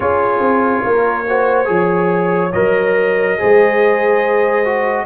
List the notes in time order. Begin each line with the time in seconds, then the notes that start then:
0.00 C#4 F4 G#4 C#5
0.39 C4
0.84 A#3 A#4
1.28 F#4 C5
1.65 F3 G#4 C#5
2.52 F#3 A#4 D#5
3.38 G#3 G#4 C5
4.64 F#4